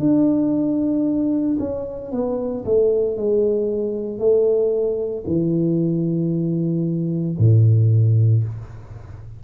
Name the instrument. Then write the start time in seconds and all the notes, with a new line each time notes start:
tuba
0.00 D4
1.59 C#4
2.12 B3
2.65 A3
3.17 G#3
4.19 A3
5.27 E3
7.39 A2